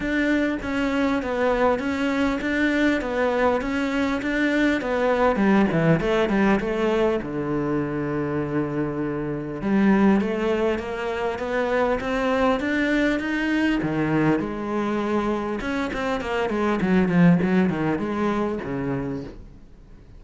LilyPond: \new Staff \with { instrumentName = "cello" } { \time 4/4 \tempo 4 = 100 d'4 cis'4 b4 cis'4 | d'4 b4 cis'4 d'4 | b4 g8 e8 a8 g8 a4 | d1 |
g4 a4 ais4 b4 | c'4 d'4 dis'4 dis4 | gis2 cis'8 c'8 ais8 gis8 | fis8 f8 fis8 dis8 gis4 cis4 | }